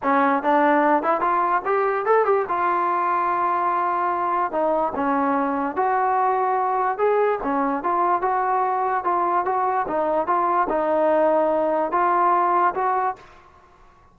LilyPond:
\new Staff \with { instrumentName = "trombone" } { \time 4/4 \tempo 4 = 146 cis'4 d'4. e'8 f'4 | g'4 a'8 g'8 f'2~ | f'2. dis'4 | cis'2 fis'2~ |
fis'4 gis'4 cis'4 f'4 | fis'2 f'4 fis'4 | dis'4 f'4 dis'2~ | dis'4 f'2 fis'4 | }